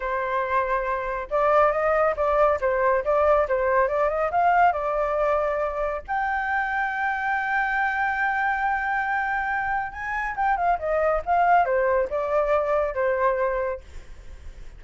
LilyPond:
\new Staff \with { instrumentName = "flute" } { \time 4/4 \tempo 4 = 139 c''2. d''4 | dis''4 d''4 c''4 d''4 | c''4 d''8 dis''8 f''4 d''4~ | d''2 g''2~ |
g''1~ | g''2. gis''4 | g''8 f''8 dis''4 f''4 c''4 | d''2 c''2 | }